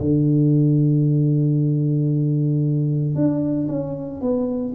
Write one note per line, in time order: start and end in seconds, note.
0.00 3.15 D3
3.15 3.67 D4
3.68 4.21 C#4
4.21 4.73 B3